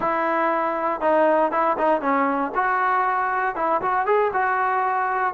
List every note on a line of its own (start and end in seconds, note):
0.00 1.01 E4
1.01 1.51 D#4
1.51 1.77 E4
1.78 2.01 D#4
2.01 2.52 C#4
2.54 3.55 F#4
3.55 3.81 E4
3.81 4.05 F#4
4.05 4.31 G#4
4.33 5.34 F#4